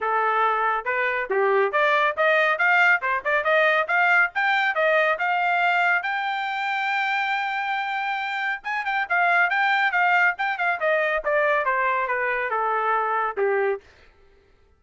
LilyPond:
\new Staff \with { instrumentName = "trumpet" } { \time 4/4 \tempo 4 = 139 a'2 b'4 g'4 | d''4 dis''4 f''4 c''8 d''8 | dis''4 f''4 g''4 dis''4 | f''2 g''2~ |
g''1 | gis''8 g''8 f''4 g''4 f''4 | g''8 f''8 dis''4 d''4 c''4 | b'4 a'2 g'4 | }